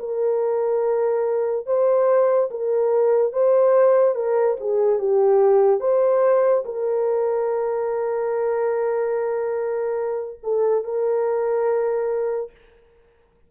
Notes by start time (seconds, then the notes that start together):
0.00 A#4
1.66 C5
2.51 A#4
3.33 C5
4.15 A#4
4.61 G#4
4.99 G4
5.81 C5
6.65 A#4
10.44 A4
10.84 A#4